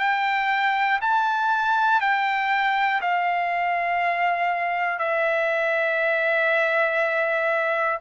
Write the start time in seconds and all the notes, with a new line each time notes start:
0.00 G5
1.02 A5
2.01 G5
3.01 F5
5.00 E5